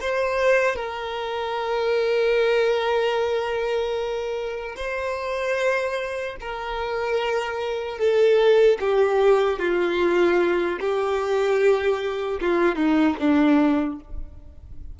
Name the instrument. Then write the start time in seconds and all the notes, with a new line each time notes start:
violin
0.00 C5
0.75 A#4
4.76 C5
6.40 A#4
7.98 A4
8.80 G4
9.59 F4
10.80 G4
12.40 F4
12.76 D#4
13.20 D4